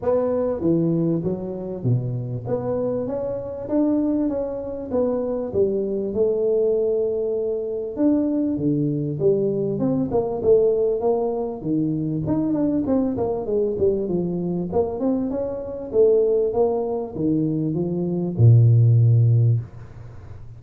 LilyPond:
\new Staff \with { instrumentName = "tuba" } { \time 4/4 \tempo 4 = 98 b4 e4 fis4 b,4 | b4 cis'4 d'4 cis'4 | b4 g4 a2~ | a4 d'4 d4 g4 |
c'8 ais8 a4 ais4 dis4 | dis'8 d'8 c'8 ais8 gis8 g8 f4 | ais8 c'8 cis'4 a4 ais4 | dis4 f4 ais,2 | }